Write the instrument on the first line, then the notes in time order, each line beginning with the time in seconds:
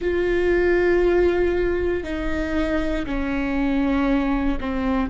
viola
0.00 F4
2.03 D#4
3.06 C#4
4.60 C4